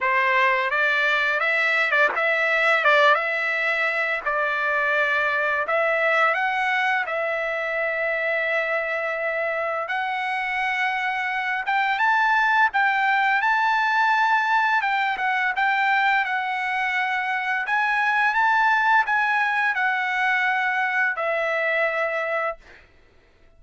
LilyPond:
\new Staff \with { instrumentName = "trumpet" } { \time 4/4 \tempo 4 = 85 c''4 d''4 e''8. d''16 e''4 | d''8 e''4. d''2 | e''4 fis''4 e''2~ | e''2 fis''2~ |
fis''8 g''8 a''4 g''4 a''4~ | a''4 g''8 fis''8 g''4 fis''4~ | fis''4 gis''4 a''4 gis''4 | fis''2 e''2 | }